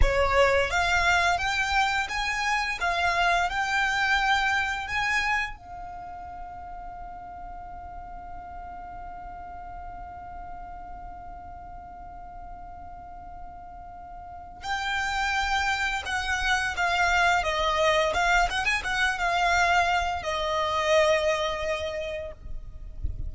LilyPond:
\new Staff \with { instrumentName = "violin" } { \time 4/4 \tempo 4 = 86 cis''4 f''4 g''4 gis''4 | f''4 g''2 gis''4 | f''1~ | f''1~ |
f''1~ | f''4 g''2 fis''4 | f''4 dis''4 f''8 fis''16 gis''16 fis''8 f''8~ | f''4 dis''2. | }